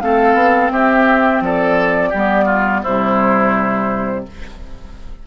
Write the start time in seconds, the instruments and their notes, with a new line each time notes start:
0.00 bassoon A3, clarinet C4, oboe A4, flute F5
0.34 bassoon B3
0.71 bassoon C4, oboe G4, flute E5
1.41 bassoon F3, oboe A4, flute D5
2.09 bassoon G3, clarinet B3, oboe G4
2.45 oboe F4
2.83 bassoon C3, clarinet G3, oboe E4, flute C5